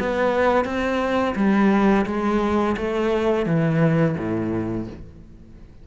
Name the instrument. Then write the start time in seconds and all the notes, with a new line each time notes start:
cello
0.00 B3
0.65 C4
1.36 G3
2.06 G#3
2.77 A3
3.46 E3
4.18 A2